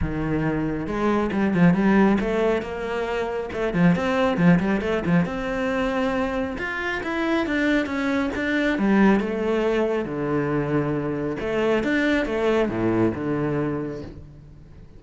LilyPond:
\new Staff \with { instrumentName = "cello" } { \time 4/4 \tempo 4 = 137 dis2 gis4 g8 f8 | g4 a4 ais2 | a8 f8 c'4 f8 g8 a8 f8 | c'2. f'4 |
e'4 d'4 cis'4 d'4 | g4 a2 d4~ | d2 a4 d'4 | a4 a,4 d2 | }